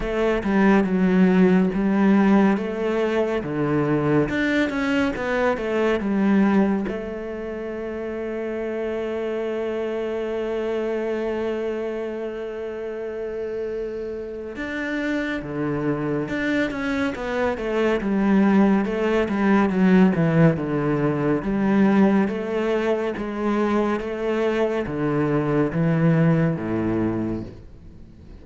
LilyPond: \new Staff \with { instrumentName = "cello" } { \time 4/4 \tempo 4 = 70 a8 g8 fis4 g4 a4 | d4 d'8 cis'8 b8 a8 g4 | a1~ | a1~ |
a4 d'4 d4 d'8 cis'8 | b8 a8 g4 a8 g8 fis8 e8 | d4 g4 a4 gis4 | a4 d4 e4 a,4 | }